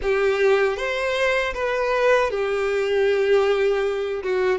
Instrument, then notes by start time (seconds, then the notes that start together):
violin
0.02 G4
0.76 C5
1.54 B4
2.30 G4
4.23 F#4